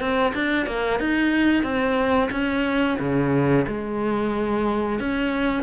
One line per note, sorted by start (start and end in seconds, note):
0.00 0.33 C4
0.34 0.67 D4
0.67 1.00 A#3
1.00 1.63 D#4
1.63 2.30 C4
2.31 2.98 C#4
2.99 3.66 C#3
3.68 5.00 G#3
5.00 5.63 C#4